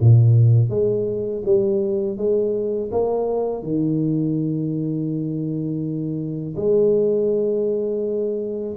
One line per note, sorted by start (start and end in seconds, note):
0.00 0.70 A#2
0.70 1.43 G#3
1.45 2.17 G3
2.17 2.90 G#3
2.91 3.63 A#3
3.63 6.55 D#3
6.56 8.76 G#3